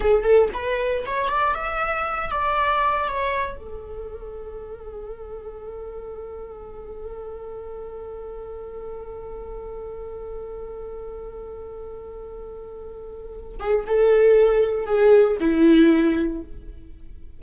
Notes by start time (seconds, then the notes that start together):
0.00 G#4
0.23 A4
0.53 B4
1.06 C#5
1.29 D5
1.55 E5
2.31 D5
3.08 C#5
3.56 A4
13.59 G#4
13.86 A4
14.86 G#4
15.40 E4